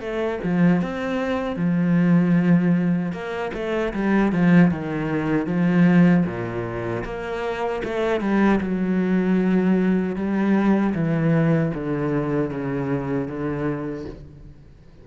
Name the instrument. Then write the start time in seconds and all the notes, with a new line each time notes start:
cello
0.00 A3
0.44 F3
0.82 C4
1.56 F3
3.12 A#3
3.54 A3
3.94 G3
4.32 F3
4.71 D#3
5.46 F3
6.26 A#2
7.04 A#3
7.84 A3
8.20 G3
8.60 F#3
10.15 G3
10.94 E3
11.74 D3
12.51 C#3
13.28 D3